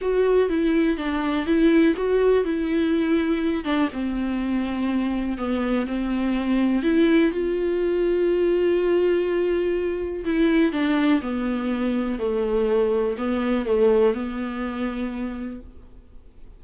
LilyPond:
\new Staff \with { instrumentName = "viola" } { \time 4/4 \tempo 4 = 123 fis'4 e'4 d'4 e'4 | fis'4 e'2~ e'8 d'8 | c'2. b4 | c'2 e'4 f'4~ |
f'1~ | f'4 e'4 d'4 b4~ | b4 a2 b4 | a4 b2. | }